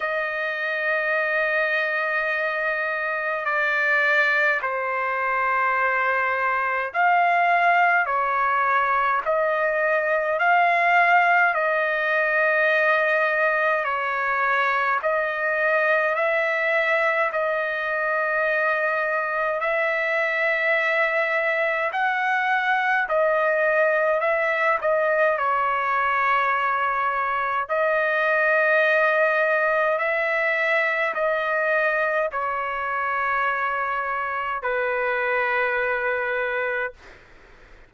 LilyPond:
\new Staff \with { instrumentName = "trumpet" } { \time 4/4 \tempo 4 = 52 dis''2. d''4 | c''2 f''4 cis''4 | dis''4 f''4 dis''2 | cis''4 dis''4 e''4 dis''4~ |
dis''4 e''2 fis''4 | dis''4 e''8 dis''8 cis''2 | dis''2 e''4 dis''4 | cis''2 b'2 | }